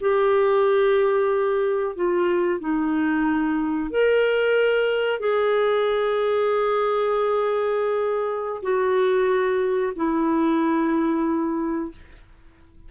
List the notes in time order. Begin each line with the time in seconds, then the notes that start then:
0.00 G4
1.95 F4
2.60 D#4
3.90 A#4
5.19 G#4
8.62 F#4
9.95 E4